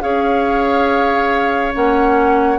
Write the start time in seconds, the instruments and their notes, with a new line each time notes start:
0.00 bassoon C#4, clarinet G#4, oboe C#5, flute F5
1.72 bassoon A#3, clarinet C#4, flute F#5